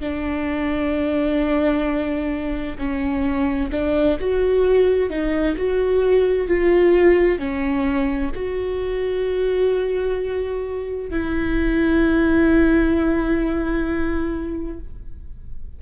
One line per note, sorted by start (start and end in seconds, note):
0.00 2.77 D4
2.78 3.70 C#4
3.71 4.17 D4
4.20 5.09 F#4
5.09 5.56 D#4
5.56 6.48 F#4
6.48 7.38 F4
7.38 8.31 C#4
8.35 11.10 F#4
11.10 14.79 E4